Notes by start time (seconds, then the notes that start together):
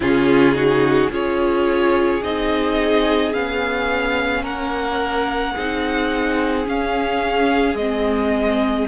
0.00 C#3 C#4 F4 G#4
0.54 D#4 F#4
1.09 C#4 F4 G#4 C#5
2.23 C4 D#4 D#5
3.33 B3 C#4 F5
4.42 A#3 A#4 F#5
5.54 C4 D#4 G#4
6.64 C#4 F5
7.74 G#3 C4 D#5